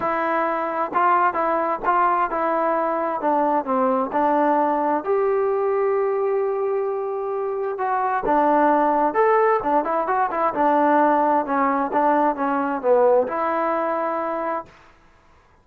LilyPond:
\new Staff \with { instrumentName = "trombone" } { \time 4/4 \tempo 4 = 131 e'2 f'4 e'4 | f'4 e'2 d'4 | c'4 d'2 g'4~ | g'1~ |
g'4 fis'4 d'2 | a'4 d'8 e'8 fis'8 e'8 d'4~ | d'4 cis'4 d'4 cis'4 | b4 e'2. | }